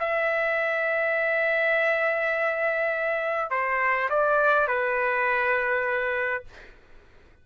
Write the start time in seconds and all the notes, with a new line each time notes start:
0.00 E5
3.51 C5
4.10 D5
4.68 B4